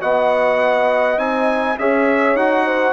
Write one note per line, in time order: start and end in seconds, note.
0.00 1.18 B3
0.00 1.17 F#4
0.00 1.78 D#5
0.00 1.19 F#5
1.17 1.77 C4
1.17 1.76 D#4
1.17 1.78 G#5
1.78 2.35 C#4
1.78 2.39 G#4
1.78 2.65 C#5
1.78 2.36 E5
2.35 2.93 D#4
2.35 2.93 F#4
2.35 2.93 F#5
2.65 2.93 C5